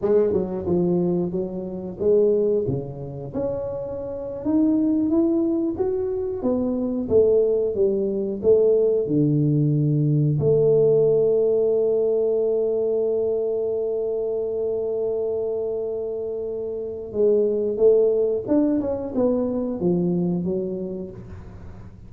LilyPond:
\new Staff \with { instrumentName = "tuba" } { \time 4/4 \tempo 4 = 91 gis8 fis8 f4 fis4 gis4 | cis4 cis'4.~ cis'16 dis'4 e'16~ | e'8. fis'4 b4 a4 g16~ | g8. a4 d2 a16~ |
a1~ | a1~ | a2 gis4 a4 | d'8 cis'8 b4 f4 fis4 | }